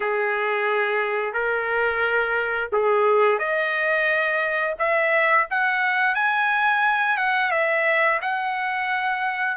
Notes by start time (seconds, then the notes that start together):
0.00 G#4
1.33 A#4
2.72 G#4
3.38 D#5
4.79 E5
5.50 F#5
6.14 G#5
7.17 F#5
7.51 E5
8.21 F#5